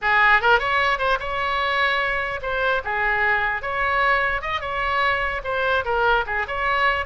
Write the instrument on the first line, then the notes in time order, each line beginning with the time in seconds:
oboe
0.01 G#4
0.41 A#4
0.59 C#5
0.98 C5
1.19 C#5
2.41 C5
2.84 G#4
3.62 C#5
4.41 D#5
4.61 C#5
5.44 C5
5.84 A#4
6.26 G#4
6.47 C#5